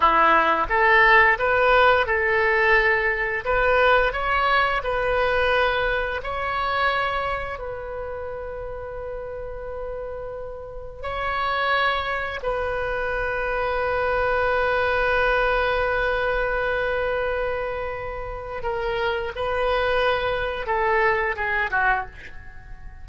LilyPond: \new Staff \with { instrumentName = "oboe" } { \time 4/4 \tempo 4 = 87 e'4 a'4 b'4 a'4~ | a'4 b'4 cis''4 b'4~ | b'4 cis''2 b'4~ | b'1 |
cis''2 b'2~ | b'1~ | b'2. ais'4 | b'2 a'4 gis'8 fis'8 | }